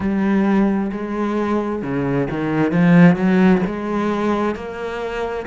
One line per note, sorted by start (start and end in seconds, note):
0.00 0.91 G3
0.92 1.82 G#3
1.82 2.27 C#3
2.30 2.71 D#3
2.71 3.16 F3
3.16 3.61 F#3
3.66 4.55 G#3
4.55 5.45 A#3